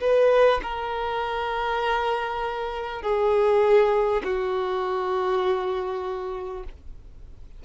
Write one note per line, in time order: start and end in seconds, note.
0.00 0.60 B4
0.62 3.02 A#4
3.02 4.22 G#4
4.23 6.63 F#4